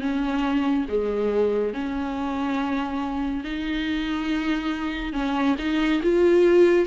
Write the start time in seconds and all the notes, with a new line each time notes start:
0.00 C#4
0.88 G#3
1.73 C#4
3.44 D#4
5.13 C#4
5.58 D#4
6.02 F4